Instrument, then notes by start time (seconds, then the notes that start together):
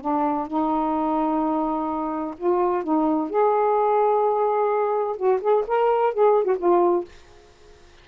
saxophone
0.00 D4
0.47 D#4
2.37 F4
2.83 D#4
3.30 G#4
5.16 F#4
5.41 G#4
5.67 A#4
6.14 G#4
6.44 F#4
6.58 F4